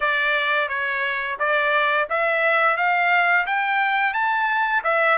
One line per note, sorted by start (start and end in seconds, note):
0.00 0.68 D5
0.68 1.37 C#5
1.39 2.08 D5
2.09 2.76 E5
2.76 3.45 F5
3.46 4.13 G5
4.13 4.82 A5
4.83 5.18 E5